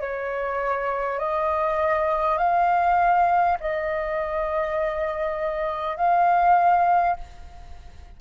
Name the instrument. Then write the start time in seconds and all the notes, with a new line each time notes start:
flute
0.00 C#5
1.19 D#5
2.38 F5
3.60 D#5
5.97 F5